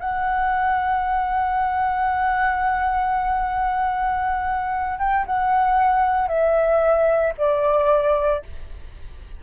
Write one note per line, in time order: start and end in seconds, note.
0.00 4.99 F#5
4.99 5.25 G5
5.26 6.28 F#5
6.28 7.33 E5
7.38 8.43 D5